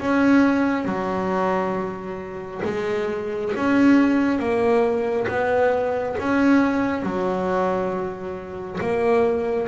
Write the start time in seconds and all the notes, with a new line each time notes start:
0.00 C#4
0.85 F#3
2.65 G#3
3.56 C#4
4.39 A#3
5.28 B3
6.19 C#4
7.03 F#3
8.81 A#3